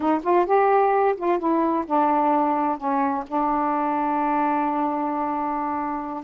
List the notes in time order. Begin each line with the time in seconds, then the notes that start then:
0.00 D#4
0.23 F4
0.46 G4
1.16 F4
1.38 E4
1.86 D4
2.77 C#4
3.27 D4